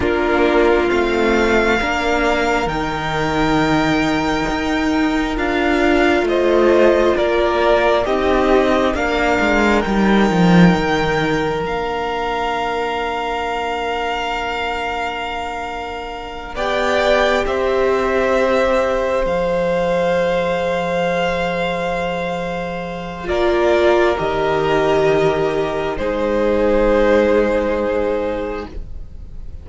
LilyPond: <<
  \new Staff \with { instrumentName = "violin" } { \time 4/4 \tempo 4 = 67 ais'4 f''2 g''4~ | g''2 f''4 dis''4 | d''4 dis''4 f''4 g''4~ | g''4 f''2.~ |
f''2~ f''8 g''4 e''8~ | e''4. f''2~ f''8~ | f''2 d''4 dis''4~ | dis''4 c''2. | }
  \new Staff \with { instrumentName = "violin" } { \time 4/4 f'2 ais'2~ | ais'2. c''4 | ais'4 g'4 ais'2~ | ais'1~ |
ais'2~ ais'8 d''4 c''8~ | c''1~ | c''2 ais'2~ | ais'4 gis'2. | }
  \new Staff \with { instrumentName = "viola" } { \time 4/4 d'4 c'4 d'4 dis'4~ | dis'2 f'2~ | f'4 dis'4 d'4 dis'4~ | dis'4 d'2.~ |
d'2~ d'8 g'4.~ | g'4. gis'2~ gis'8~ | gis'2 f'4 g'4~ | g'4 dis'2. | }
  \new Staff \with { instrumentName = "cello" } { \time 4/4 ais4 a4 ais4 dis4~ | dis4 dis'4 d'4 a4 | ais4 c'4 ais8 gis8 g8 f8 | dis4 ais2.~ |
ais2~ ais8 b4 c'8~ | c'4. f2~ f8~ | f2 ais4 dis4~ | dis4 gis2. | }
>>